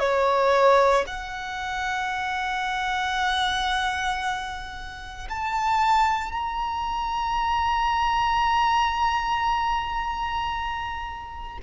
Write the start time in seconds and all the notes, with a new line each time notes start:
0.00 C#5
1.07 F#5
5.30 A5
6.32 A#5